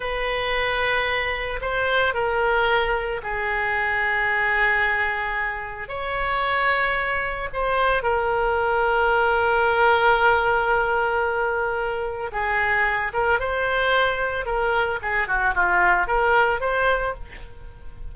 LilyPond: \new Staff \with { instrumentName = "oboe" } { \time 4/4 \tempo 4 = 112 b'2. c''4 | ais'2 gis'2~ | gis'2. cis''4~ | cis''2 c''4 ais'4~ |
ais'1~ | ais'2. gis'4~ | gis'8 ais'8 c''2 ais'4 | gis'8 fis'8 f'4 ais'4 c''4 | }